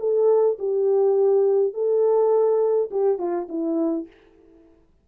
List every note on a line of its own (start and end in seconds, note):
0.00 0.58 A4
0.59 1.74 G4
1.74 2.90 A4
2.92 3.19 G4
3.19 3.48 F4
3.50 4.08 E4